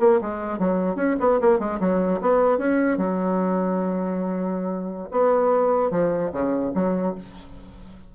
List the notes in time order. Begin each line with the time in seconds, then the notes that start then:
0.00 A#3
0.21 G#3
0.59 F#3
0.96 C#4
1.20 B3
1.40 A#3
1.59 G#3
1.80 F#3
2.21 B3
2.58 C#4
2.97 F#3
5.11 B3
5.90 F3
6.32 C#3
6.74 F#3